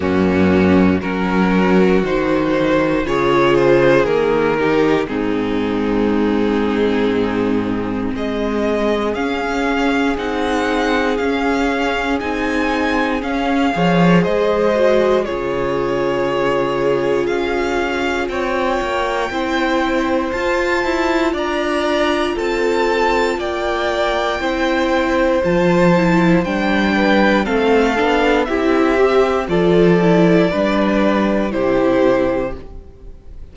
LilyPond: <<
  \new Staff \with { instrumentName = "violin" } { \time 4/4 \tempo 4 = 59 fis'4 ais'4 c''4 cis''8 c''8 | ais'4 gis'2. | dis''4 f''4 fis''4 f''4 | gis''4 f''4 dis''4 cis''4~ |
cis''4 f''4 g''2 | a''4 ais''4 a''4 g''4~ | g''4 a''4 g''4 f''4 | e''4 d''2 c''4 | }
  \new Staff \with { instrumentName = "violin" } { \time 4/4 cis'4 fis'2 gis'4~ | gis'8 g'8 dis'2. | gis'1~ | gis'4. cis''8 c''4 gis'4~ |
gis'2 cis''4 c''4~ | c''4 d''4 a'4 d''4 | c''2~ c''8 b'8 a'4 | g'4 a'4 b'4 g'4 | }
  \new Staff \with { instrumentName = "viola" } { \time 4/4 ais4 cis'4 dis'4 f'4 | ais8 dis'8 c'2.~ | c'4 cis'4 dis'4 cis'4 | dis'4 cis'8 gis'4 fis'8 f'4~ |
f'2. e'4 | f'1 | e'4 f'8 e'8 d'4 c'8 d'8 | e'8 g'8 f'8 e'8 d'4 e'4 | }
  \new Staff \with { instrumentName = "cello" } { \time 4/4 fis,4 fis4 dis4 cis4 | dis4 gis,2. | gis4 cis'4 c'4 cis'4 | c'4 cis'8 f8 gis4 cis4~ |
cis4 cis'4 c'8 ais8 c'4 | f'8 e'8 d'4 c'4 ais4 | c'4 f4 g4 a8 b8 | c'4 f4 g4 c4 | }
>>